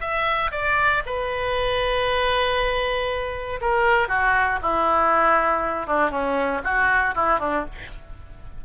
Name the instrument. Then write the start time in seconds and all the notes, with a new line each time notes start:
oboe
0.00 E5
0.51 D5
1.06 B4
3.61 A#4
4.08 F#4
4.62 E4
5.87 D4
6.10 C#4
6.64 F#4
7.15 E4
7.39 D4